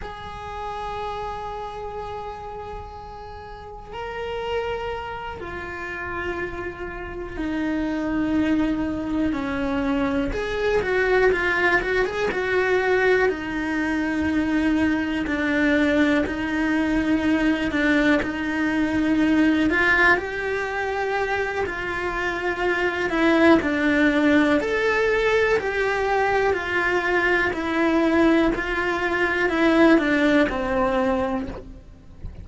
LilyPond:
\new Staff \with { instrumentName = "cello" } { \time 4/4 \tempo 4 = 61 gis'1 | ais'4. f'2 dis'8~ | dis'4. cis'4 gis'8 fis'8 f'8 | fis'16 gis'16 fis'4 dis'2 d'8~ |
d'8 dis'4. d'8 dis'4. | f'8 g'4. f'4. e'8 | d'4 a'4 g'4 f'4 | e'4 f'4 e'8 d'8 c'4 | }